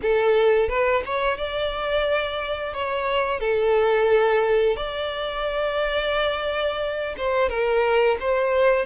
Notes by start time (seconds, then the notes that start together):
0.02 A4
0.68 B4
1.05 C#5
1.37 D5
2.73 C#5
3.39 A4
4.76 D5
7.17 C5
7.49 A#4
8.19 C5